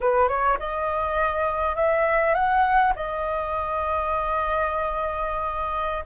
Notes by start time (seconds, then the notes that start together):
0.00 B4
0.28 C#5
0.59 D#5
1.75 E5
2.34 F#5
2.95 D#5